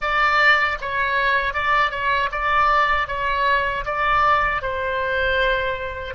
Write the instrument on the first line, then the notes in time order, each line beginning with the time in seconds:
oboe
0.01 D5
0.81 C#5
1.53 D5
1.91 C#5
2.31 D5
3.07 C#5
3.85 D5
4.62 C5